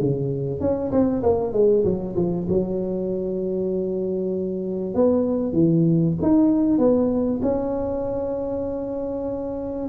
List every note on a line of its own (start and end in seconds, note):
0.00 0.60 C#3
0.60 0.91 C#4
0.92 1.23 C4
1.23 1.53 A#3
1.53 1.84 G#3
1.85 2.16 F#3
2.16 2.47 F3
2.49 4.95 F#3
4.95 5.53 B3
5.53 6.15 E3
6.22 6.78 D#4
6.78 7.40 B3
7.43 9.89 C#4